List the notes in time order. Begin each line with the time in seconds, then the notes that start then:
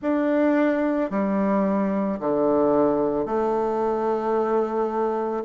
0.01 D4
1.10 G3
2.20 D3
3.25 A3